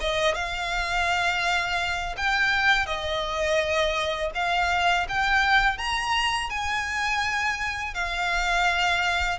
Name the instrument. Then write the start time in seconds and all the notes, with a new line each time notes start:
violin
0.00 D#5
0.34 F5
2.17 G5
2.86 D#5
4.34 F5
5.08 G5
5.78 A#5
6.50 G#5
7.94 F5